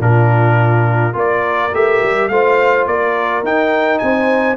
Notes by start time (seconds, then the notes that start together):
0.00 A#2 D4 F4 A#4
1.13 A#3 F4 A#4 D5
1.73 A3 G4 E5
2.03 G3
2.28 A3 F4 C5 F5
2.86 A#3 A#4 D5
3.43 D#4 G5
3.99 C4 C5 G#5